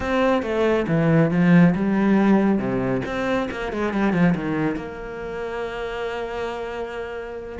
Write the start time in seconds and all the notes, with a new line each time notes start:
0.00 C4
0.42 A3
0.87 E3
1.30 F3
1.75 G3
2.58 C3
3.05 C4
3.50 A#3
3.72 G#3
3.93 G3
4.12 F3
4.35 D#3
4.76 A#3